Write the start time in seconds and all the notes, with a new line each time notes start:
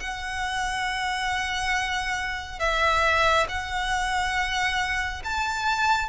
0.00 F#5
2.60 E5
3.49 F#5
5.24 A5